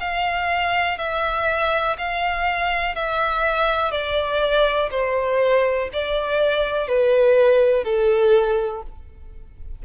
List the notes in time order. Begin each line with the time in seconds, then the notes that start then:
0.00 F5
0.98 E5
1.98 F5
2.95 E5
3.91 D5
4.90 C5
5.93 D5
6.87 B4
7.84 A4